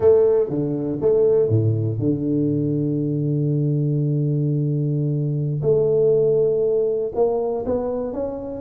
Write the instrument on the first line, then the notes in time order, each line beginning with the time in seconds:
tuba
0.00 A3
0.49 D3
1.01 A3
1.48 A2
1.98 D3
5.62 A3
7.15 A#3
7.65 B3
8.13 C#4